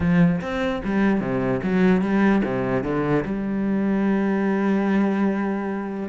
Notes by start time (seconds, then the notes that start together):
0.00 F3
0.41 C4
0.84 G3
1.20 C3
1.62 F#3
2.01 G3
2.45 C3
2.83 D3
3.25 G3